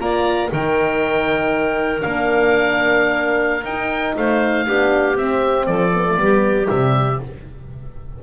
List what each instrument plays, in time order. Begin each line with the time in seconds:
0.00 double bass A#3, horn F4, clarinet D5, oboe A#5
0.50 double bass D#3, horn D#4, clarinet A#4, oboe G5
2.00 double bass A#3, horn D4, oboe F5
3.64 double bass D#4, horn D#4, oboe G5
4.17 double bass A3, clarinet C5, oboe F5
4.66 double bass B3, horn D4, clarinet G4
5.15 horn C4, double bass C4, oboe E5
5.66 double bass F3, clarinet A4, oboe D5
5.94 horn B3
6.06 horn A3
6.17 double bass G3, horn B3, clarinet G4
6.67 double bass C3, horn G3, oboe E5